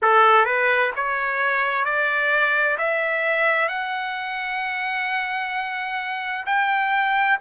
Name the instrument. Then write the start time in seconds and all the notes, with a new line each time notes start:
trumpet
0.02 A4
0.45 B4
0.96 C#5
1.85 D5
2.77 E5
3.68 F#5
6.46 G5